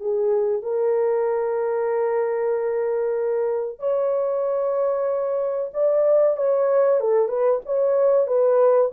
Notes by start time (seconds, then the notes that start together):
0.00 G#4
0.63 A#4
3.79 C#5
5.74 D5
6.37 C#5
7.01 A4
7.29 B4
7.66 C#5
8.27 B4